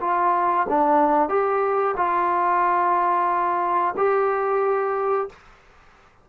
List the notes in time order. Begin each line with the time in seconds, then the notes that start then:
0.00 F4
0.69 D4
1.29 G4
1.96 F4
3.97 G4